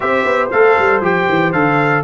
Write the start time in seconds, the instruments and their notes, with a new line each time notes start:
0.00 tuba C4, trombone G4, horn C5, trumpet E5
0.25 tuba B3
0.51 tuba A3, trombone A4, trumpet F5
0.78 tuba G3
1.01 tuba F3, trombone G4, trumpet G5
1.29 tuba E3
1.52 tuba D3, trombone A4, trumpet F5